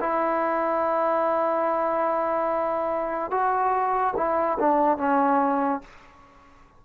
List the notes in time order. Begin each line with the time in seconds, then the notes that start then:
0.00 E4
3.31 F#4
4.16 E4
4.59 D4
4.98 C#4